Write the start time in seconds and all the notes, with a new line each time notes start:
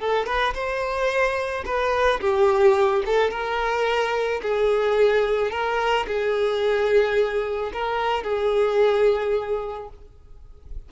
0.00 A4
0.26 B4
0.54 C5
1.65 B4
2.20 G4
3.06 A4
3.31 A#4
4.42 G#4
5.51 A#4
6.07 G#4
7.73 A#4
8.23 G#4